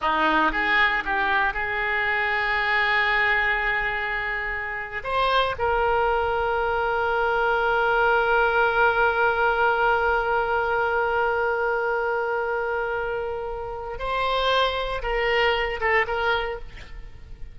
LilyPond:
\new Staff \with { instrumentName = "oboe" } { \time 4/4 \tempo 4 = 116 dis'4 gis'4 g'4 gis'4~ | gis'1~ | gis'4.~ gis'16 c''4 ais'4~ ais'16~ | ais'1~ |
ais'1~ | ais'1~ | ais'2. c''4~ | c''4 ais'4. a'8 ais'4 | }